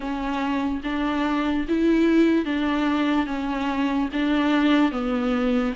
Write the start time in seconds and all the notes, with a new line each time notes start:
0.00 C#4
0.83 D4
1.68 E4
2.45 D4
3.26 C#4
4.12 D4
4.91 B3